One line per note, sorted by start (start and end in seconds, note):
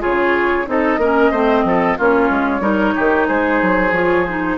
0.00 0.67 C#3
0.00 0.65 F4
0.00 0.67 G#4
0.00 0.69 C#5
0.67 0.98 C4
0.67 0.99 D#4
0.67 1.00 A4
0.67 2.00 D#5
0.98 1.31 A#3
0.98 1.33 C#4
0.98 1.31 A#4
1.31 1.64 A3
1.31 1.99 C4
1.31 1.64 C5
1.64 1.97 F3
1.64 1.98 A4
1.98 2.30 A#3
1.98 2.61 C#4
1.98 2.62 F4
1.98 3.29 C#5
2.30 2.61 G#3
2.61 2.93 G3
2.61 3.92 D#4
2.61 2.95 A#4
2.96 3.29 D#3
2.96 3.28 G4
3.28 3.62 G#3
3.28 4.58 G#4
3.28 3.93 C5
3.62 3.92 F#3
3.92 4.57 F3
3.92 4.26 F4
3.92 4.26 C#5
4.26 4.58 D#4
4.26 4.58 C5